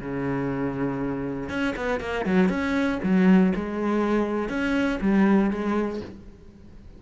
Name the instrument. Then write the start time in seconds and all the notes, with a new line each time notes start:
cello
0.00 C#3
1.49 C#4
1.76 B3
2.00 A#3
2.25 F#3
2.49 C#4
3.03 F#3
3.55 G#3
4.49 C#4
5.01 G3
5.50 G#3